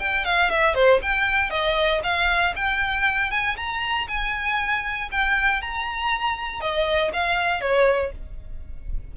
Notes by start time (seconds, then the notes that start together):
0.00 G5
0.25 F5
0.51 E5
0.75 C5
1.03 G5
1.51 D#5
2.04 F5
2.56 G5
3.31 G#5
3.57 A#5
4.08 G#5
5.12 G5
5.62 A#5
6.61 D#5
7.13 F5
7.62 C#5